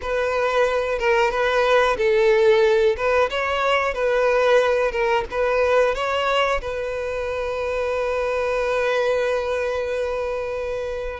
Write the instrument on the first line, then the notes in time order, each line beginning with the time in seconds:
violin
0.01 B4
0.98 A#4
1.30 B4
1.97 A4
2.96 B4
3.30 C#5
3.94 B4
4.91 A#4
5.30 B4
5.94 C#5
6.61 B4